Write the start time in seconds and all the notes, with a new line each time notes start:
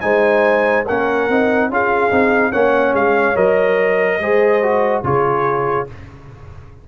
0.00 G#3 D#4 C5 G#5
0.84 A#3 C#4 A#4 F#5
1.28 C4 D#4
1.69 C#4 F4 G#4 F5
2.10 C4 D#4
2.50 A#3 C#4 C#5 F#5
2.93 G#3 F5
3.35 F#3 A#4 D#5
4.19 G#3 G#4 C5
4.62 F#4
5.03 C#3 F4 G#4 C#5